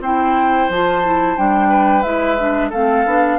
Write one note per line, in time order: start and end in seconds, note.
0.00 0.67 C4
0.00 0.71 E4
0.00 1.69 C5
0.00 0.70 G5
0.69 1.37 F3
0.69 1.04 F4
0.69 1.38 A5
1.04 1.37 E4
1.37 2.05 G3
1.37 2.04 D4
1.37 2.03 G5
1.69 2.70 B4
2.03 2.72 G#3
2.03 2.38 E4
2.03 2.70 E5
2.38 2.72 D4
2.70 3.06 A3
2.70 3.06 C4
2.70 3.37 A4
2.70 3.38 F5
3.06 3.38 B3
3.06 3.38 D4